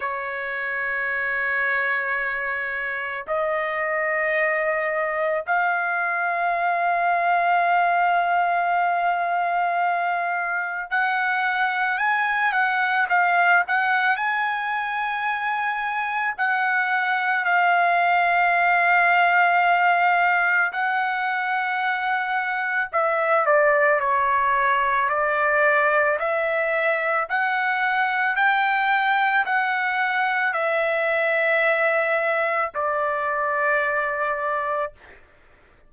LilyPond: \new Staff \with { instrumentName = "trumpet" } { \time 4/4 \tempo 4 = 55 cis''2. dis''4~ | dis''4 f''2.~ | f''2 fis''4 gis''8 fis''8 | f''8 fis''8 gis''2 fis''4 |
f''2. fis''4~ | fis''4 e''8 d''8 cis''4 d''4 | e''4 fis''4 g''4 fis''4 | e''2 d''2 | }